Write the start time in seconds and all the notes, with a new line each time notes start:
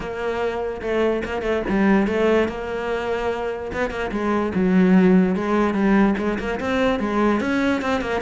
0.00 A#3
0.81 A3
1.24 A#3
1.42 A3
1.68 G3
2.07 A3
2.48 A#3
3.72 B3
3.90 A#3
4.11 G#3
4.54 F#3
5.35 G#3
5.73 G3
6.18 G#3
6.39 A#3
6.60 C4
6.99 G#3
7.40 C#4
7.81 C4
8.01 A#3